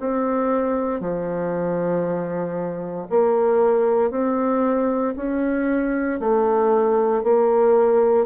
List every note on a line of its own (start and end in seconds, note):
0.00 1.01 C4
1.01 3.08 F3
3.10 4.11 A#3
4.11 5.14 C4
5.16 6.20 C#4
6.20 7.23 A3
7.23 8.26 A#3